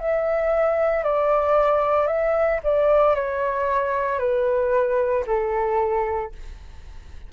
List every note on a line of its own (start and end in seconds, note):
0.00 1.03 E5
1.03 2.07 D5
2.07 2.59 E5
2.64 3.15 D5
3.15 4.19 C#5
4.19 5.24 B4
5.26 6.32 A4